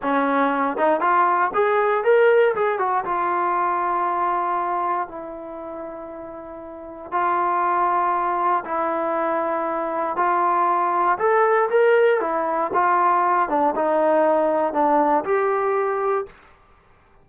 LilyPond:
\new Staff \with { instrumentName = "trombone" } { \time 4/4 \tempo 4 = 118 cis'4. dis'8 f'4 gis'4 | ais'4 gis'8 fis'8 f'2~ | f'2 e'2~ | e'2 f'2~ |
f'4 e'2. | f'2 a'4 ais'4 | e'4 f'4. d'8 dis'4~ | dis'4 d'4 g'2 | }